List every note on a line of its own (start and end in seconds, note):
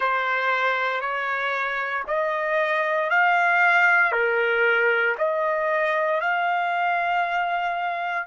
0.00 1.00 C5
1.00 2.04 C#5
2.07 3.10 D#5
3.10 4.11 F5
4.11 5.15 A#4
5.17 6.20 D#5
6.20 8.27 F5